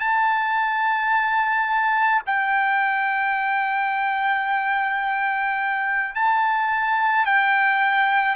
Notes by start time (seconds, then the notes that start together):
0.00 A5
2.26 G5
6.15 A5
7.26 G5